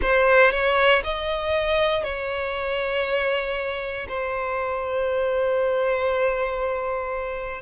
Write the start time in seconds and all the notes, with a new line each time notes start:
0.01 C5
0.51 C#5
1.04 D#5
2.03 C#5
4.08 C5